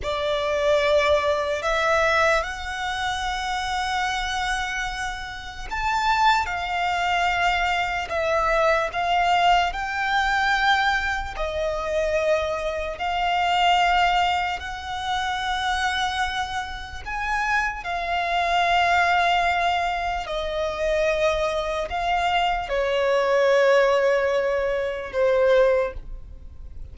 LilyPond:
\new Staff \with { instrumentName = "violin" } { \time 4/4 \tempo 4 = 74 d''2 e''4 fis''4~ | fis''2. a''4 | f''2 e''4 f''4 | g''2 dis''2 |
f''2 fis''2~ | fis''4 gis''4 f''2~ | f''4 dis''2 f''4 | cis''2. c''4 | }